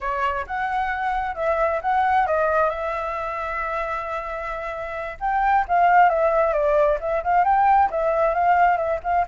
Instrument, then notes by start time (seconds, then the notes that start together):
flute
0.01 C#5
0.46 F#5
1.35 E5
1.81 F#5
2.26 D#5
2.69 E5
5.20 G5
5.67 F5
6.09 E5
6.53 D5
7.00 E5
7.23 F5
7.44 G5
7.90 E5
8.34 F5
8.77 E5
9.03 F5